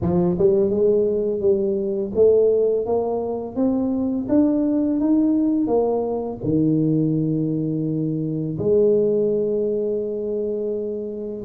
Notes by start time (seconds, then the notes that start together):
0.01 F3
0.38 G3
0.70 G#3
1.40 G3
2.15 A3
2.85 A#3
3.55 C4
4.29 D4
4.99 D#4
5.67 A#3
6.43 D#3
8.58 G#3